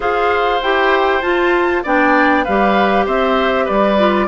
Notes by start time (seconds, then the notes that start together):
0.00 F4 G#4 C5 F5
0.61 E4 G4 G5
1.21 F4 A5
1.83 B3 D4 D5 G5
2.44 G3 G4 B4 F5
3.05 C4 C5 E5
3.65 G3 B4 D5
3.98 F4